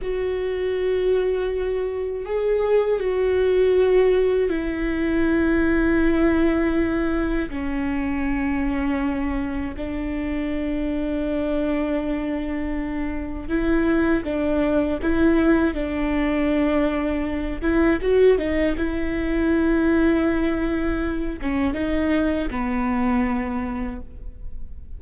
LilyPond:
\new Staff \with { instrumentName = "viola" } { \time 4/4 \tempo 4 = 80 fis'2. gis'4 | fis'2 e'2~ | e'2 cis'2~ | cis'4 d'2.~ |
d'2 e'4 d'4 | e'4 d'2~ d'8 e'8 | fis'8 dis'8 e'2.~ | e'8 cis'8 dis'4 b2 | }